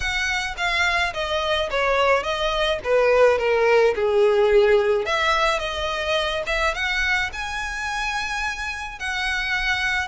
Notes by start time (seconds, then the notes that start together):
0.00 F#5
0.57 F5
1.13 D#5
1.70 C#5
2.23 D#5
2.83 B4
3.38 A#4
3.95 G#4
5.05 E5
5.59 D#5
6.46 E5
6.74 F#5
7.33 G#5
8.99 F#5